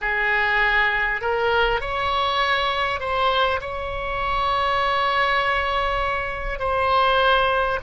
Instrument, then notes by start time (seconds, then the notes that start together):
oboe
0.01 G#4
1.21 A#4
1.80 C#5
3.00 C5
3.61 C#5
6.59 C5